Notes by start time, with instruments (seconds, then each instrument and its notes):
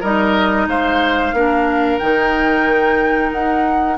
0.00 bassoon G3, clarinet D#4, oboe A#4, flute D#5
0.67 bassoon G#3, oboe C5, flute F5
1.33 bassoon A#3, clarinet D4, oboe A#4
1.98 bassoon D#3, clarinet D#4, flute G5
3.32 bassoon D#4, flute F#5